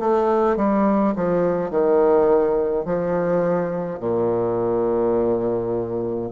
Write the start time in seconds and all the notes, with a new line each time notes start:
0.00 A3
0.57 G3
1.16 F3
1.70 D#3
2.86 F3
4.00 A#2